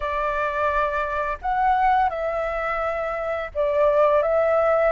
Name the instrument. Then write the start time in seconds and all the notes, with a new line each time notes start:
flute
0.00 D5
1.41 F#5
2.09 E5
3.54 D5
4.22 E5